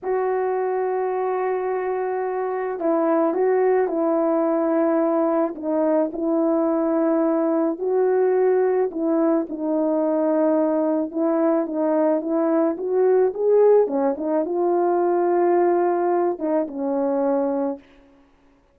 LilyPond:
\new Staff \with { instrumentName = "horn" } { \time 4/4 \tempo 4 = 108 fis'1~ | fis'4 e'4 fis'4 e'4~ | e'2 dis'4 e'4~ | e'2 fis'2 |
e'4 dis'2. | e'4 dis'4 e'4 fis'4 | gis'4 cis'8 dis'8 f'2~ | f'4. dis'8 cis'2 | }